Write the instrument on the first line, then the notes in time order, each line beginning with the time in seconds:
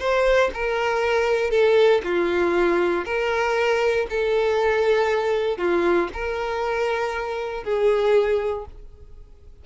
violin
0.00 C5
0.54 A#4
1.51 A4
2.04 F4
3.05 A#4
4.10 A4
5.58 F4
6.13 A#4
7.64 G#4